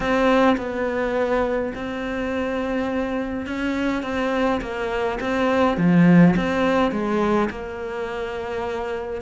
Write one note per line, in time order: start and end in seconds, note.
0.00 0.56 C4
0.57 1.72 B3
1.74 3.46 C4
3.46 4.03 C#4
4.03 4.60 C4
4.61 5.19 A#3
5.20 5.77 C4
5.77 6.34 F3
6.36 6.91 C4
6.91 7.49 G#3
7.50 9.21 A#3